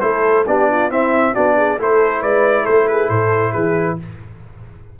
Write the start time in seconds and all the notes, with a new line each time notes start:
0.00 A3 E4 A4 C5
0.47 B3 D4 G4 D5
0.71 F4
0.89 C4 E4 E5
1.33 B3 D4 F#4 D5
1.56 G#4
1.78 A3 E4 A4 C5
2.21 G#3 B4 D5
2.63 A3 A4 C5
2.87 G#4 B4
3.09 A2 A4 C5
3.52 E3 G#4 B4